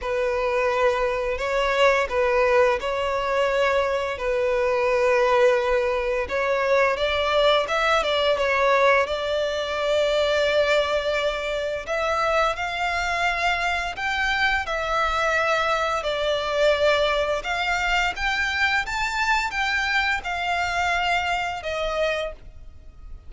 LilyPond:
\new Staff \with { instrumentName = "violin" } { \time 4/4 \tempo 4 = 86 b'2 cis''4 b'4 | cis''2 b'2~ | b'4 cis''4 d''4 e''8 d''8 | cis''4 d''2.~ |
d''4 e''4 f''2 | g''4 e''2 d''4~ | d''4 f''4 g''4 a''4 | g''4 f''2 dis''4 | }